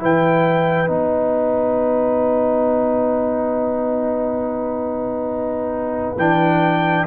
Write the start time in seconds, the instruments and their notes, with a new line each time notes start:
0.00 tuba E3, trombone E4, horn B4, trumpet G5
0.87 tuba B3, trombone D#4, trumpet F#5
6.18 tuba E3, trombone D4, trumpet G5